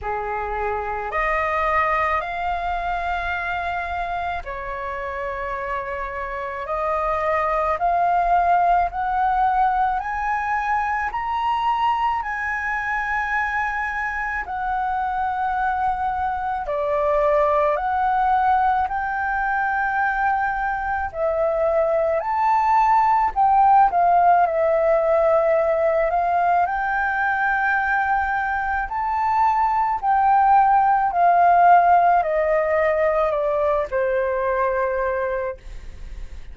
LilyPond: \new Staff \with { instrumentName = "flute" } { \time 4/4 \tempo 4 = 54 gis'4 dis''4 f''2 | cis''2 dis''4 f''4 | fis''4 gis''4 ais''4 gis''4~ | gis''4 fis''2 d''4 |
fis''4 g''2 e''4 | a''4 g''8 f''8 e''4. f''8 | g''2 a''4 g''4 | f''4 dis''4 d''8 c''4. | }